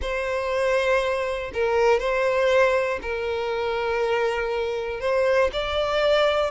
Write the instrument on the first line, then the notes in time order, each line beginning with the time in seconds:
violin
0.01 C5
1.53 A#4
1.99 C5
3.02 A#4
5.00 C5
5.52 D5